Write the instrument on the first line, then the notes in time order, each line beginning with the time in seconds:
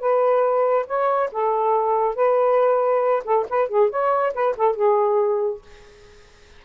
saxophone
0.00 B4
0.87 C#5
1.32 A4
2.16 B4
3.25 A4
3.50 B4
3.69 G#4
3.90 C#5
4.35 B4
4.57 A4
4.76 G#4